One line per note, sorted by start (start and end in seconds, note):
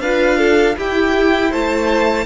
0.00 0.75 D4
0.00 0.77 F4
0.00 0.37 B4
0.00 0.75 F5
0.37 0.75 A4
0.77 2.26 E4
0.77 1.52 E4
0.77 1.50 G4
0.77 1.52 G5
1.50 2.26 A3
1.50 2.25 C5
1.50 2.26 A5